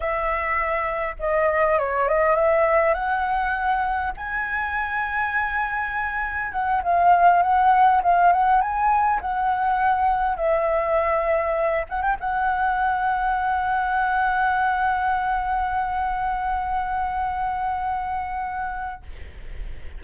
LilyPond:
\new Staff \with { instrumentName = "flute" } { \time 4/4 \tempo 4 = 101 e''2 dis''4 cis''8 dis''8 | e''4 fis''2 gis''4~ | gis''2. fis''8 f''8~ | f''8 fis''4 f''8 fis''8 gis''4 fis''8~ |
fis''4. e''2~ e''8 | fis''16 g''16 fis''2.~ fis''8~ | fis''1~ | fis''1 | }